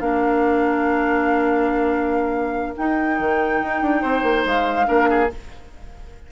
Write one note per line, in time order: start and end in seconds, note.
0.00 2.75 A#3
0.00 2.75 D4
0.00 4.02 A#4
0.00 2.75 F5
2.77 4.85 D#4
2.77 3.19 D#4
2.77 4.46 G5
3.19 3.62 D#3
3.62 3.82 D#4
3.82 4.03 D4
4.02 4.23 C4
4.02 4.86 C5
4.23 4.44 A#3
4.46 4.88 G#3
4.46 5.32 F5
4.85 5.31 A#3
4.85 5.27 D4
4.85 5.09 A#4
5.10 5.31 G#4